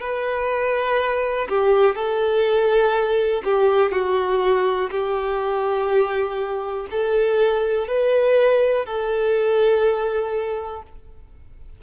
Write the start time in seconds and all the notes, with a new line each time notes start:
0.00 B4
1.48 G4
1.94 A4
3.44 G4
3.91 F#4
4.90 G4
6.90 A4
7.87 B4
8.85 A4